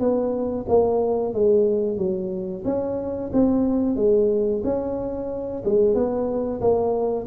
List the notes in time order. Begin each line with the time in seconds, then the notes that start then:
0.00 B3
0.68 A#3
1.34 G#3
1.98 F#3
2.65 C#4
3.33 C4
3.96 G#3
4.64 C#4
5.65 G#3
5.95 B3
6.61 A#3